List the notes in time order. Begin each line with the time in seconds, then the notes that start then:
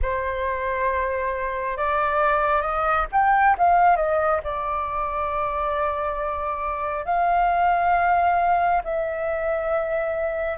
0.02 C5
1.76 D5
2.61 D#5
3.12 G5
3.58 F5
3.96 D#5
4.43 D5
7.05 F5
8.84 E5